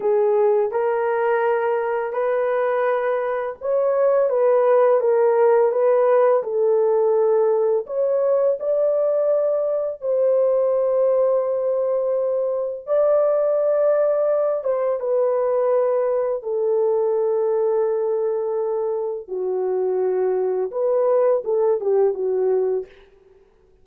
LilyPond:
\new Staff \with { instrumentName = "horn" } { \time 4/4 \tempo 4 = 84 gis'4 ais'2 b'4~ | b'4 cis''4 b'4 ais'4 | b'4 a'2 cis''4 | d''2 c''2~ |
c''2 d''2~ | d''8 c''8 b'2 a'4~ | a'2. fis'4~ | fis'4 b'4 a'8 g'8 fis'4 | }